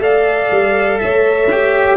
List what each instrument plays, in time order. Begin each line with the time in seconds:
0.00 tuba A3, cello A4, horn D5, trumpet F5
0.51 tuba G3
0.99 tuba A3, horn C#5, trumpet E5
1.52 cello G4